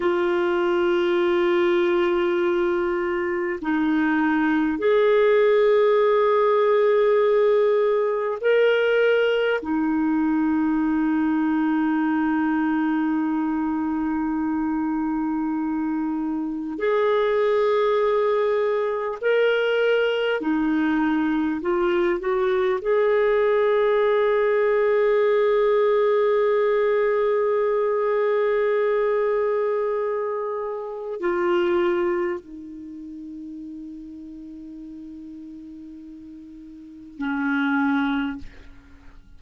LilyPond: \new Staff \with { instrumentName = "clarinet" } { \time 4/4 \tempo 4 = 50 f'2. dis'4 | gis'2. ais'4 | dis'1~ | dis'2 gis'2 |
ais'4 dis'4 f'8 fis'8 gis'4~ | gis'1~ | gis'2 f'4 dis'4~ | dis'2. cis'4 | }